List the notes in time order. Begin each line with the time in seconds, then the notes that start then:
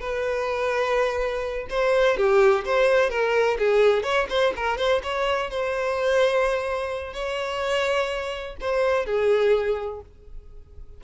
0.00 B4
1.70 C5
2.17 G4
2.65 C5
3.10 A#4
3.59 G#4
4.03 C#5
4.29 C5
4.56 A#4
4.77 C5
5.03 C#5
5.50 C5
7.13 C#5
8.60 C5
9.06 G#4